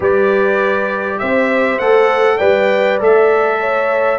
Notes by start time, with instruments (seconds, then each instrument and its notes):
0.00 tuba G3, trombone G4, horn B4, trumpet D5
1.18 tuba C4, horn C5, trumpet E5
1.78 tuba A3, trombone A4, trumpet F#5
2.37 tuba G3, trombone B4, horn D5, trumpet G5
3.00 tuba A3, trombone A4, trumpet E5
3.60 horn C#5